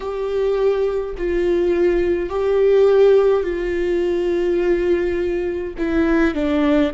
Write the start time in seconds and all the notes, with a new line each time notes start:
0.00 G4
1.17 F4
2.29 G4
3.43 F4
5.77 E4
6.34 D4